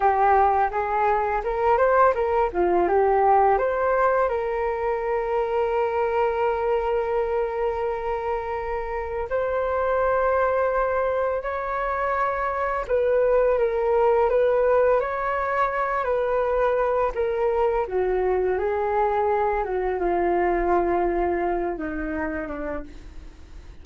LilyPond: \new Staff \with { instrumentName = "flute" } { \time 4/4 \tempo 4 = 84 g'4 gis'4 ais'8 c''8 ais'8 f'8 | g'4 c''4 ais'2~ | ais'1~ | ais'4 c''2. |
cis''2 b'4 ais'4 | b'4 cis''4. b'4. | ais'4 fis'4 gis'4. fis'8 | f'2~ f'8 dis'4 d'8 | }